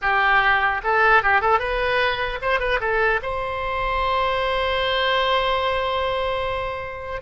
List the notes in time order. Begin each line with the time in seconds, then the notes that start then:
0.01 G4
0.83 A4
1.22 G4
1.41 A4
1.59 B4
2.41 C5
2.59 B4
2.80 A4
3.22 C5